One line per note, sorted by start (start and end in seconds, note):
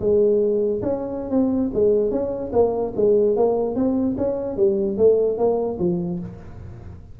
0.00 0.81 G#3
0.82 1.30 C#4
1.30 1.70 C4
1.74 2.11 G#3
2.11 2.51 C#4
2.52 2.93 A#3
2.96 3.36 G#3
3.36 3.75 A#3
3.75 4.16 C4
4.17 4.56 C#4
4.56 4.97 G3
4.97 5.38 A3
5.38 5.78 A#3
5.79 6.19 F3